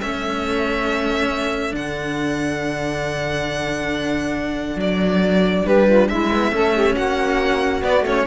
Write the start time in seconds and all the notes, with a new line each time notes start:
0.00 A3 C#4 A4 E5
1.71 D3 D4 F#5
4.76 F#3 D5
5.65 G3 G4 B4
5.87 F4
6.08 G#3 E4 E5
6.33 B3
6.52 A3 C#4 A4
6.75 G4
6.95 A#3 F#4 F#5
7.82 B3 D5
8.02 A3 C#4 C#5